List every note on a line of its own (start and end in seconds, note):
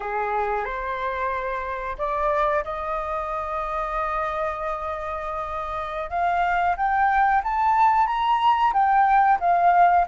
0.00 0.64 G#4
0.64 1.96 C5
1.98 2.63 D5
2.64 6.10 D#5
6.10 6.76 F5
6.76 7.42 G5
7.43 8.06 A5
8.06 8.72 A#5
8.73 9.39 G5
9.40 10.05 F5